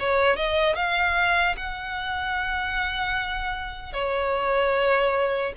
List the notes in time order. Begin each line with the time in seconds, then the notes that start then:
0.00 C#5
0.37 D#5
0.76 F5
1.57 F#5
3.93 C#5